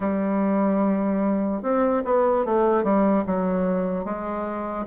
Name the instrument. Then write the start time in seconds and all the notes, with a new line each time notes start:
bassoon
0.00 G3
1.62 C4
2.05 B3
2.45 A3
2.83 G3
3.26 F#3
4.04 G#3